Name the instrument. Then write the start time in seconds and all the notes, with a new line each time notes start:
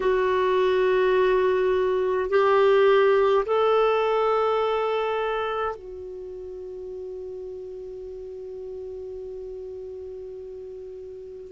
clarinet
0.00 F#4
2.29 G4
3.45 A4
5.75 F#4